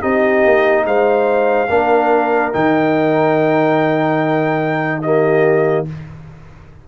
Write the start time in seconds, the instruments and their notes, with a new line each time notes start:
0.00 tuba C4, trombone D#4, horn G4, trumpet D#5
0.45 tuba A#3
0.85 tuba G#3, horn C5, trumpet F5
1.69 tuba A#3, trombone D4, horn A#4
2.53 tuba D#3, trombone D#4, trumpet G5
5.02 trombone A#3, horn G4, trumpet D#5